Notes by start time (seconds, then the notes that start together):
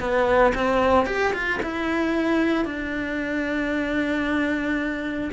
0.00 B3
0.55 C4
1.06 G4
1.34 F4
1.63 E4
2.65 D4